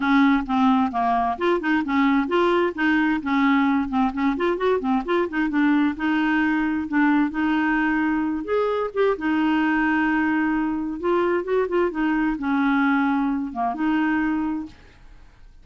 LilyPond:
\new Staff \with { instrumentName = "clarinet" } { \time 4/4 \tempo 4 = 131 cis'4 c'4 ais4 f'8 dis'8 | cis'4 f'4 dis'4 cis'4~ | cis'8 c'8 cis'8 f'8 fis'8 c'8 f'8 dis'8 | d'4 dis'2 d'4 |
dis'2~ dis'8 gis'4 g'8 | dis'1 | f'4 fis'8 f'8 dis'4 cis'4~ | cis'4. ais8 dis'2 | }